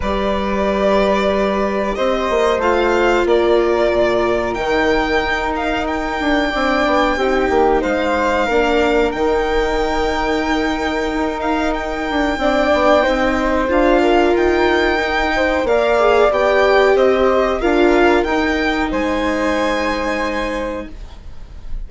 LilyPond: <<
  \new Staff \with { instrumentName = "violin" } { \time 4/4 \tempo 4 = 92 d''2. dis''4 | f''4 d''2 g''4~ | g''8 f''8 g''2. | f''2 g''2~ |
g''4. f''8 g''2~ | g''4 f''4 g''2 | f''4 g''4 dis''4 f''4 | g''4 gis''2. | }
  \new Staff \with { instrumentName = "flute" } { \time 4/4 b'2. c''4~ | c''4 ais'2.~ | ais'2 d''4 g'4 | c''4 ais'2.~ |
ais'2. d''4 | c''4. ais'2 c''8 | d''2 c''4 ais'4~ | ais'4 c''2. | }
  \new Staff \with { instrumentName = "viola" } { \time 4/4 g'1 | f'2. dis'4~ | dis'2 d'4 dis'4~ | dis'4 d'4 dis'2~ |
dis'2. d'4 | dis'4 f'2 dis'4 | ais'8 gis'8 g'2 f'4 | dis'1 | }
  \new Staff \with { instrumentName = "bassoon" } { \time 4/4 g2. c'8 ais8 | a4 ais4 ais,4 dis4 | dis'4. d'8 c'8 b8 c'8 ais8 | gis4 ais4 dis2~ |
dis4 dis'4. d'8 c'8 b8 | c'4 d'4 dis'2 | ais4 b4 c'4 d'4 | dis'4 gis2. | }
>>